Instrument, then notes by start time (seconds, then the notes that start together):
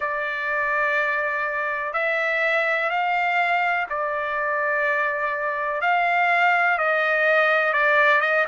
trumpet
0.00 D5
1.93 E5
2.90 F5
3.89 D5
5.81 F5
6.77 D#5
7.73 D5
8.20 D#5